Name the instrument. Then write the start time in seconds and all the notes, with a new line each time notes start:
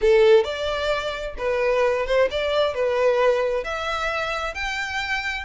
violin
0.01 A4
0.43 D5
1.38 B4
2.06 C5
2.30 D5
2.74 B4
3.64 E5
4.54 G5